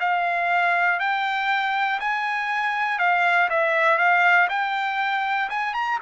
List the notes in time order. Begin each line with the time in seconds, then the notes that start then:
0.00 F5
1.00 G5
2.00 G#5
2.99 F5
3.50 E5
3.98 F5
4.50 G5
5.50 G#5
5.74 A#5